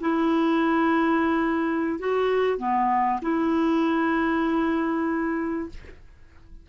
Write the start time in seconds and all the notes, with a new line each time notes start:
0.00 E4
1.99 F#4
2.58 B3
3.21 E4